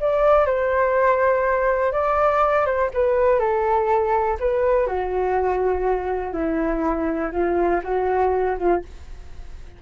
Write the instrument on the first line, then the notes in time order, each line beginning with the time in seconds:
flute
0.00 D5
0.46 C5
1.92 D5
2.66 C5
2.94 B4
3.39 A4
4.39 B4
4.87 F#4
6.33 E4
7.32 F4
7.83 F#4
8.58 F4